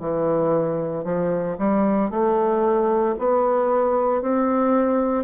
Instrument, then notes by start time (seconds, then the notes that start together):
bassoon
0.00 E3
1.04 F3
1.58 G3
2.11 A3
3.19 B3
4.22 C4